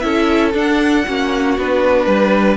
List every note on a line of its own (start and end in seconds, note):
0.00 0.54 C#4
0.00 0.53 E4
0.00 1.06 A4
0.00 0.51 E5
0.54 1.05 D4
0.54 1.59 F#5
1.07 1.58 A#3
1.07 1.58 C#4
1.07 2.07 F#4
1.58 2.07 B3
1.58 2.57 D4
1.58 2.57 B4
2.07 2.57 G3
2.07 2.57 B4